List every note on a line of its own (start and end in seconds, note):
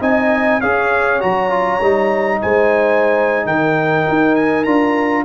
0.00 0.61 C4
0.00 0.61 D#4
0.00 0.60 D#5
0.00 0.61 G#5
0.60 1.22 C#4
0.60 1.20 G#4
0.60 2.40 C#5
0.60 1.21 F5
1.20 1.80 F#3
1.20 1.49 F#4
1.20 2.41 A#5
1.49 1.79 F4
1.80 2.40 G3
1.80 4.66 D#4
2.42 3.45 G#3
2.42 3.47 C5
2.42 3.46 G#5
3.45 4.05 D#3
3.45 5.25 A#4
3.45 4.35 G5
4.08 4.66 D#4
4.35 4.64 G#5
4.64 5.25 D4
4.64 5.25 F4
4.64 5.24 A#5